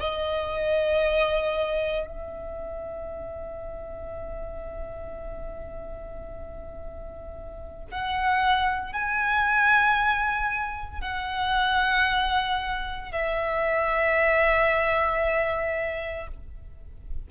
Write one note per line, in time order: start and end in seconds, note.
0.00 2.07 D#5
2.07 7.86 E5
7.91 8.93 F#5
8.93 11.01 G#5
11.01 13.12 F#5
13.12 16.28 E5